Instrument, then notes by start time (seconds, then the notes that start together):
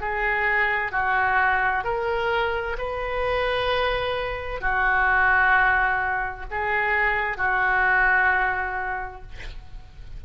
oboe
0.00 G#4
0.91 F#4
1.84 A#4
2.78 B4
4.60 F#4
6.50 G#4
7.37 F#4